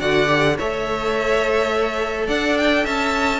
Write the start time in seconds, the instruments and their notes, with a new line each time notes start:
0.00 cello D3, viola F#4, violin D5 F#5
0.27 viola G4
0.58 cello A3, viola A4, violin C#5 E5
2.27 cello D4, violin D5 F#5
2.57 violin G5
2.84 cello C#4, violin E5 A5